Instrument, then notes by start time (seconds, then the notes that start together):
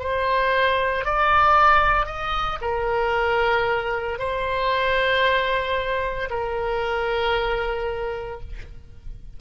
oboe
0.00 C5
1.05 D5
2.06 D#5
2.62 A#4
4.19 C5
6.31 A#4